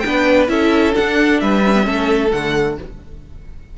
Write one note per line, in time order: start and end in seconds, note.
0.00 0.49 B3
0.00 0.48 D4
0.00 0.51 B4
0.00 0.45 G5
0.48 0.94 C#4
0.48 0.93 E4
0.48 1.42 A4
0.48 0.95 E5
0.93 1.62 D4
0.93 1.42 D4
0.93 1.41 F#5
1.41 1.87 G3
1.41 1.87 B4
1.41 2.32 E5
1.65 1.75 C#4
1.75 1.83 B3
1.83 2.33 A3
1.83 2.28 C#4
1.83 2.78 A4
2.32 2.79 D3
2.32 2.78 A3
2.32 2.78 F#5